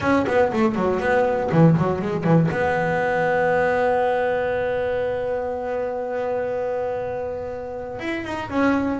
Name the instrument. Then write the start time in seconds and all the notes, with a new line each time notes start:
double bass
0.00 C#4
0.27 B3
0.53 A3
0.75 F#3
1.00 B3
1.52 E3
1.77 F#3
2.01 G#3
2.24 E3
2.50 B3
7.99 E4
8.24 D#4
8.49 C#4